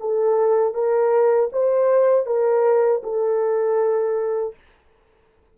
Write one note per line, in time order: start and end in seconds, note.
0.00 0.74 A4
0.74 1.50 A#4
1.53 2.26 C5
2.26 3.02 A#4
3.03 4.55 A4